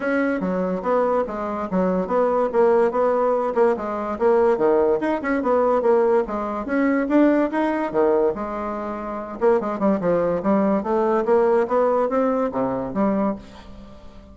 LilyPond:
\new Staff \with { instrumentName = "bassoon" } { \time 4/4 \tempo 4 = 144 cis'4 fis4 b4 gis4 | fis4 b4 ais4 b4~ | b8 ais8 gis4 ais4 dis4 | dis'8 cis'8 b4 ais4 gis4 |
cis'4 d'4 dis'4 dis4 | gis2~ gis8 ais8 gis8 g8 | f4 g4 a4 ais4 | b4 c'4 c4 g4 | }